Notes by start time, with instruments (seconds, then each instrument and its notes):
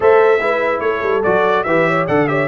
0.00 tuba A3, trombone A4, horn C5, trumpet E5
0.40 tuba G#3, trombone E4, horn B4
0.80 tuba A3, horn A4, trumpet C#5
1.02 tuba G3
1.23 tuba F#3, trombone F#4, trumpet D5
1.63 tuba E3, trombone G4, horn B4, trumpet E5
1.87 horn C#5
2.07 tuba D3, trombone A4, horn D5, trumpet F#5
2.27 trombone G4, horn C#5, trumpet E5